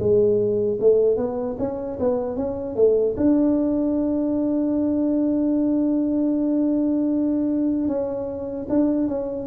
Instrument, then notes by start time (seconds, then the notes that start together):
tuba
0.00 G#3
0.81 A3
1.17 B3
1.59 C#4
2.00 B3
2.37 C#4
2.76 A3
3.17 D4
7.88 C#4
8.69 D4
9.08 C#4